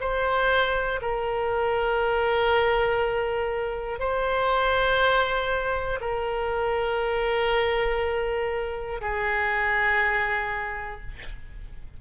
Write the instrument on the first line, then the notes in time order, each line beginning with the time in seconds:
oboe
0.00 C5
1.02 A#4
4.00 C5
6.00 A#4
9.01 G#4